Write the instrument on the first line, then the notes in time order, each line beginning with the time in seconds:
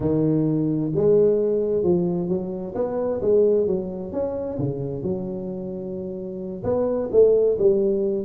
tuba
0.00 D#3
0.95 G#3
1.83 F3
2.28 F#3
2.75 B3
3.21 G#3
3.66 F#3
4.12 C#4
4.58 C#3
5.03 F#3
6.63 B3
7.11 A3
7.58 G3